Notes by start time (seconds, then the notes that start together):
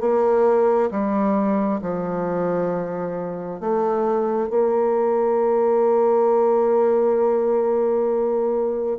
0.00 A#3
0.91 G3
1.81 F3
3.60 A3
4.49 A#3